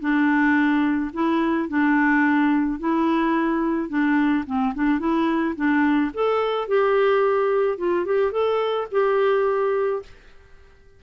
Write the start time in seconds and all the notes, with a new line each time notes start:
0.00 D4
1.13 E4
1.69 D4
2.80 E4
3.89 D4
4.46 C4
4.75 D4
5.00 E4
5.56 D4
6.14 A4
6.68 G4
7.78 F4
8.06 G4
8.32 A4
8.92 G4